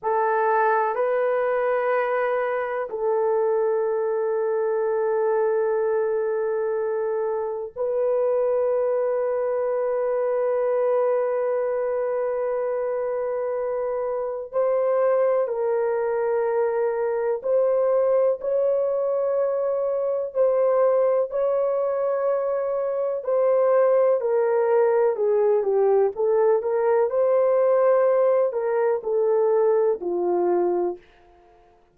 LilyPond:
\new Staff \with { instrumentName = "horn" } { \time 4/4 \tempo 4 = 62 a'4 b'2 a'4~ | a'1 | b'1~ | b'2. c''4 |
ais'2 c''4 cis''4~ | cis''4 c''4 cis''2 | c''4 ais'4 gis'8 g'8 a'8 ais'8 | c''4. ais'8 a'4 f'4 | }